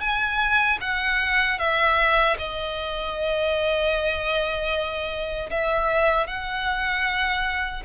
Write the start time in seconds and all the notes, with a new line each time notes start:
0.00 G#5
0.80 F#5
1.58 E5
2.38 D#5
5.50 E5
6.27 F#5